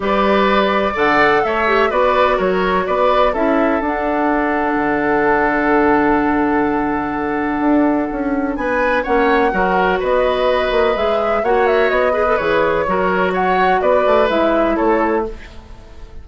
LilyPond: <<
  \new Staff \with { instrumentName = "flute" } { \time 4/4 \tempo 4 = 126 d''2 fis''4 e''4 | d''4 cis''4 d''4 e''4 | fis''1~ | fis''1~ |
fis''2 gis''4 fis''4~ | fis''4 dis''2 e''4 | fis''8 e''8 dis''4 cis''2 | fis''4 d''4 e''4 cis''4 | }
  \new Staff \with { instrumentName = "oboe" } { \time 4/4 b'2 d''4 cis''4 | b'4 ais'4 b'4 a'4~ | a'1~ | a'1~ |
a'2 b'4 cis''4 | ais'4 b'2. | cis''4. b'4. ais'4 | cis''4 b'2 a'4 | }
  \new Staff \with { instrumentName = "clarinet" } { \time 4/4 g'2 a'4. g'8 | fis'2. e'4 | d'1~ | d'1~ |
d'2. cis'4 | fis'2. gis'4 | fis'4. gis'16 a'16 gis'4 fis'4~ | fis'2 e'2 | }
  \new Staff \with { instrumentName = "bassoon" } { \time 4/4 g2 d4 a4 | b4 fis4 b4 cis'4 | d'2 d2~ | d1 |
d'4 cis'4 b4 ais4 | fis4 b4. ais8 gis4 | ais4 b4 e4 fis4~ | fis4 b8 a8 gis4 a4 | }
>>